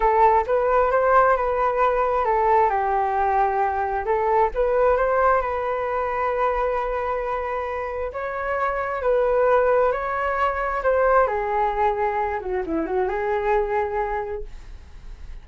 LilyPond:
\new Staff \with { instrumentName = "flute" } { \time 4/4 \tempo 4 = 133 a'4 b'4 c''4 b'4~ | b'4 a'4 g'2~ | g'4 a'4 b'4 c''4 | b'1~ |
b'2 cis''2 | b'2 cis''2 | c''4 gis'2~ gis'8 fis'8 | e'8 fis'8 gis'2. | }